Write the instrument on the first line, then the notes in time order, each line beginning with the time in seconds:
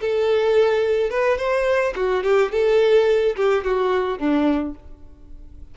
violin
0.00 A4
1.10 B4
1.37 C5
1.95 F#4
2.23 G4
2.51 A4
3.36 G4
3.64 F#4
4.18 D4